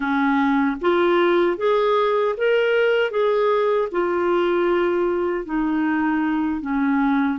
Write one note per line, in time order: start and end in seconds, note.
0.00 0.76 C#4
0.81 1.57 F4
1.57 2.35 G#4
2.37 3.10 A#4
3.10 3.88 G#4
3.91 5.45 F4
5.45 6.61 D#4
6.61 7.38 C#4